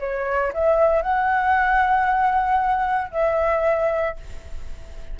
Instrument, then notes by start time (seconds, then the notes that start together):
flute
0.00 C#5
0.53 E5
1.02 F#5
3.11 E5